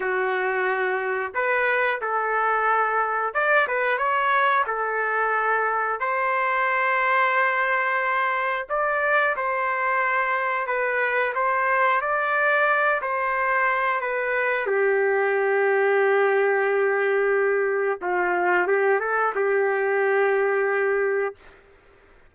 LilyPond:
\new Staff \with { instrumentName = "trumpet" } { \time 4/4 \tempo 4 = 90 fis'2 b'4 a'4~ | a'4 d''8 b'8 cis''4 a'4~ | a'4 c''2.~ | c''4 d''4 c''2 |
b'4 c''4 d''4. c''8~ | c''4 b'4 g'2~ | g'2. f'4 | g'8 a'8 g'2. | }